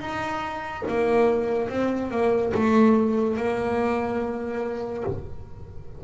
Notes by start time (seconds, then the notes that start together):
0.00 D#4
0.88 A#3
1.69 C4
2.11 A#3
2.54 A3
3.37 A#3